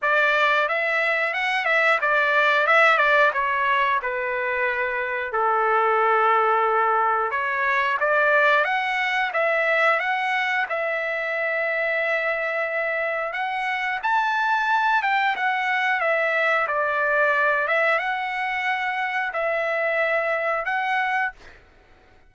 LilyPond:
\new Staff \with { instrumentName = "trumpet" } { \time 4/4 \tempo 4 = 90 d''4 e''4 fis''8 e''8 d''4 | e''8 d''8 cis''4 b'2 | a'2. cis''4 | d''4 fis''4 e''4 fis''4 |
e''1 | fis''4 a''4. g''8 fis''4 | e''4 d''4. e''8 fis''4~ | fis''4 e''2 fis''4 | }